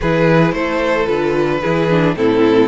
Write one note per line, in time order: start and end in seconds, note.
0.00 0.52 E3
0.00 1.06 E4
0.00 0.54 G#4
0.00 0.52 B4
0.52 1.06 A3
0.52 1.61 A4
0.52 1.06 C5
1.06 1.62 D3
1.06 1.60 F4
1.06 2.14 B4
1.61 2.15 E3
1.61 1.89 E4
1.61 2.15 G#4
1.89 2.15 D4
2.15 2.68 A2
2.15 2.68 C4
2.15 2.68 E4
2.15 2.68 A4